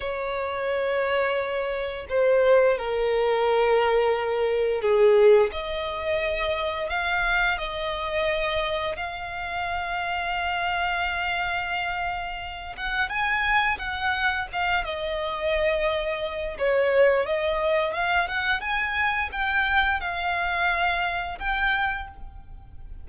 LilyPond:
\new Staff \with { instrumentName = "violin" } { \time 4/4 \tempo 4 = 87 cis''2. c''4 | ais'2. gis'4 | dis''2 f''4 dis''4~ | dis''4 f''2.~ |
f''2~ f''8 fis''8 gis''4 | fis''4 f''8 dis''2~ dis''8 | cis''4 dis''4 f''8 fis''8 gis''4 | g''4 f''2 g''4 | }